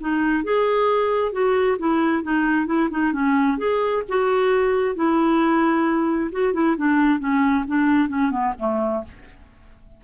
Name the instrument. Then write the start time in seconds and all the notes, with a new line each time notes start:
clarinet
0.00 D#4
0.44 G#4
1.32 F#4
1.78 E4
2.23 D#4
2.66 E4
2.91 D#4
3.12 C#4
3.58 G#4
4.08 F#4
4.95 E4
6.32 F#4
6.53 E4
6.77 D4
7.19 C#4
7.67 D4
8.09 C#4
8.31 B3
8.58 A3